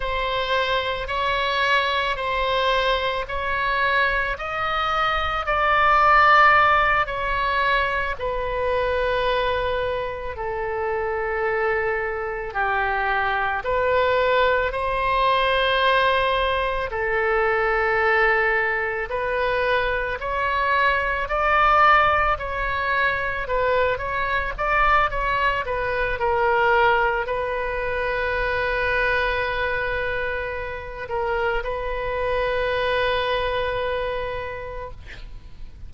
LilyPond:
\new Staff \with { instrumentName = "oboe" } { \time 4/4 \tempo 4 = 55 c''4 cis''4 c''4 cis''4 | dis''4 d''4. cis''4 b'8~ | b'4. a'2 g'8~ | g'8 b'4 c''2 a'8~ |
a'4. b'4 cis''4 d''8~ | d''8 cis''4 b'8 cis''8 d''8 cis''8 b'8 | ais'4 b'2.~ | b'8 ais'8 b'2. | }